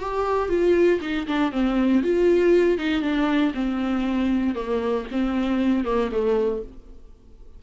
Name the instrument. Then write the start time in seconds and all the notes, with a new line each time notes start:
viola
0.00 G4
0.50 F4
1.02 D#4
1.28 D4
1.52 C4
2.04 F4
2.79 D#4
3.02 D4
3.55 C4
4.56 A#3
5.12 C4
5.85 A#3
6.12 A3